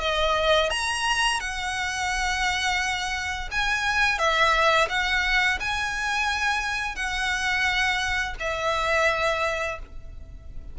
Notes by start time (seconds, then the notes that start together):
0.00 D#5
0.70 A#5
1.40 F#5
3.51 G#5
4.18 E5
4.89 F#5
5.60 G#5
6.95 F#5
8.39 E5